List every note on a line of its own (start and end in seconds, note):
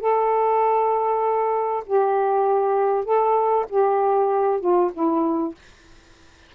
0.00 1.84 A4
1.86 3.04 G4
3.04 3.66 A4
3.69 4.60 G4
4.60 4.91 F4
4.93 5.54 E4